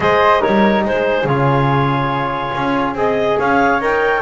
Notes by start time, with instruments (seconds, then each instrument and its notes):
0.00 double bass G#3, trombone G#4, flute C5, clarinet D#5
0.40 double bass G3, trombone D#4, flute A#4, clarinet C#5
0.84 double bass G#3, flute G#4, clarinet C5
1.24 double bass C#3, trombone F4, clarinet C#5
2.54 double bass C#4
2.94 double bass C4, trombone G#4, clarinet D#5
3.38 double bass C#4, flute C#5, clarinet F5
3.80 double bass D#4, trombone A#4, clarinet G5